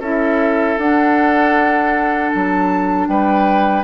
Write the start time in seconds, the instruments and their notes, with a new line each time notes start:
0.00 bassoon C#4, clarinet E4, oboe A4, flute E5
0.78 bassoon D4, clarinet D4, flute F#5
2.30 bassoon F#3, flute A5
3.08 bassoon G3, oboe B4, flute G5